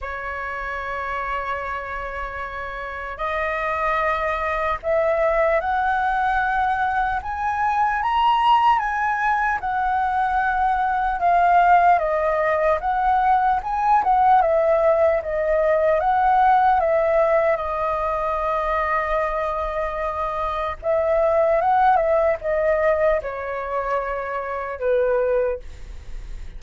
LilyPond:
\new Staff \with { instrumentName = "flute" } { \time 4/4 \tempo 4 = 75 cis''1 | dis''2 e''4 fis''4~ | fis''4 gis''4 ais''4 gis''4 | fis''2 f''4 dis''4 |
fis''4 gis''8 fis''8 e''4 dis''4 | fis''4 e''4 dis''2~ | dis''2 e''4 fis''8 e''8 | dis''4 cis''2 b'4 | }